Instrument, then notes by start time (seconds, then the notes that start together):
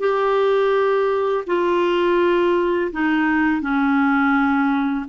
clarinet
0.00 G4
1.47 F4
2.92 D#4
3.61 C#4